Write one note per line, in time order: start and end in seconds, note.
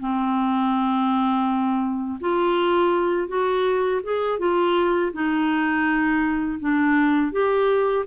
0.00 2.20 C4
2.21 3.28 F4
3.28 4.01 F#4
4.03 4.39 G#4
4.39 5.12 F4
5.13 6.60 D#4
6.60 7.32 D4
7.32 8.05 G4